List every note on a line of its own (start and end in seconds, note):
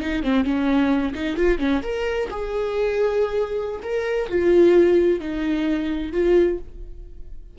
0.00 0.23 D#4
0.23 0.44 C4
0.44 1.14 C#4
1.15 1.37 D#4
1.37 1.58 F4
1.58 1.81 C#4
1.83 2.29 A#4
2.30 3.80 G#4
3.83 4.29 A#4
4.29 5.20 F4
5.20 6.12 D#4
6.12 6.59 F4